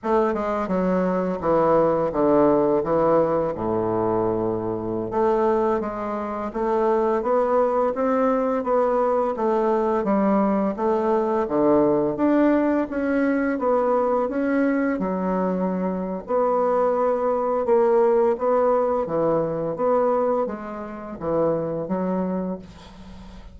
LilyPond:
\new Staff \with { instrumentName = "bassoon" } { \time 4/4 \tempo 4 = 85 a8 gis8 fis4 e4 d4 | e4 a,2~ a,16 a8.~ | a16 gis4 a4 b4 c'8.~ | c'16 b4 a4 g4 a8.~ |
a16 d4 d'4 cis'4 b8.~ | b16 cis'4 fis4.~ fis16 b4~ | b4 ais4 b4 e4 | b4 gis4 e4 fis4 | }